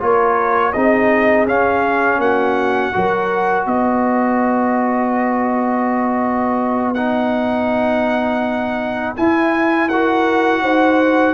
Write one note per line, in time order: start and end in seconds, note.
0.00 0.75 A#3
0.00 0.73 F4
0.00 0.73 A#4
0.00 0.73 C#5
0.73 1.46 C4
0.73 1.47 D#4
0.73 2.20 G#4
0.73 1.46 D#5
1.46 2.18 C#4
1.46 2.93 C#4
1.46 2.20 F5
2.18 2.91 A#3
2.18 2.94 F#4
2.18 3.66 F#5
2.93 3.66 F#3
2.93 6.95 F#4
2.93 3.67 A#4
3.66 9.15 B3
3.66 9.88 B4
3.66 6.94 D#5
6.94 9.16 D#4
6.94 9.14 F#5
9.16 9.90 E4
9.16 10.61 E4
9.16 9.89 G#5
9.88 11.34 F#4
9.88 10.61 A#4
9.88 11.34 F#5
10.61 11.34 D#4
10.61 11.34 C5